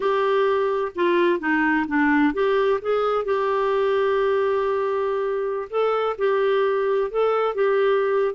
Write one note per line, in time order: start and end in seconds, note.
0.00 0.92 G4
0.95 1.39 F4
1.39 1.86 D#4
1.87 2.33 D4
2.33 2.79 G4
2.81 3.24 G#4
3.24 5.68 G4
5.70 6.16 A4
6.18 7.10 G4
7.10 7.54 A4
7.54 8.34 G4